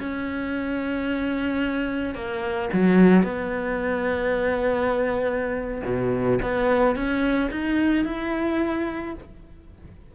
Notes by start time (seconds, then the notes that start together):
0.00 C#4
2.15 A#3
2.74 F#3
3.24 B3
5.85 B2
6.43 B3
6.96 C#4
7.52 D#4
8.06 E4